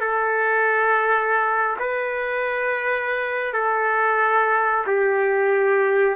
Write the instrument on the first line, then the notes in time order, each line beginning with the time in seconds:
trumpet
0.00 A4
1.79 B4
3.53 A4
4.86 G4